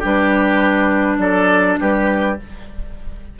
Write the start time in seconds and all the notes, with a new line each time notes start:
0.00 G3 D4 G4 B4
1.19 F#3 A4 D5
1.80 G3 G4 B4